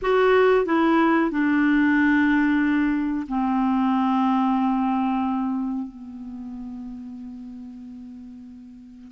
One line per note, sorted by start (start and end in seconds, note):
0.02 0.65 F#4
0.65 1.30 E4
1.30 3.26 D4
3.28 5.87 C4
5.87 9.12 B3